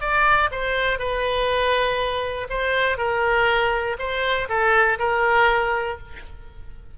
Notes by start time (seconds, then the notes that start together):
0.00 D5
0.51 C5
0.99 B4
2.49 C5
2.98 A#4
3.99 C5
4.49 A4
4.99 A#4